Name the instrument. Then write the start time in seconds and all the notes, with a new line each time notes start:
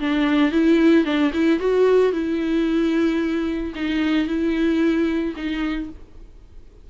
viola
0.00 D4
0.52 E4
1.05 D4
1.33 E4
1.59 F#4
2.13 E4
3.75 D#4
4.27 E4
5.36 D#4